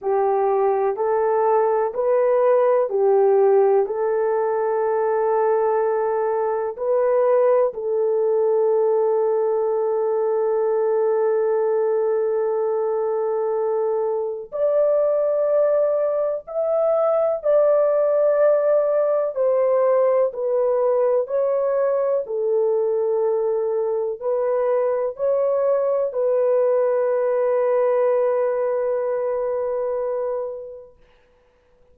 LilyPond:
\new Staff \with { instrumentName = "horn" } { \time 4/4 \tempo 4 = 62 g'4 a'4 b'4 g'4 | a'2. b'4 | a'1~ | a'2. d''4~ |
d''4 e''4 d''2 | c''4 b'4 cis''4 a'4~ | a'4 b'4 cis''4 b'4~ | b'1 | }